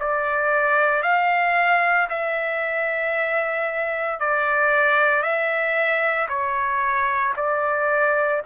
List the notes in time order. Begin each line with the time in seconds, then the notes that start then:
0.00 D5
1.03 F5
2.10 E5
4.20 D5
5.23 E5
6.29 C#5
7.37 D5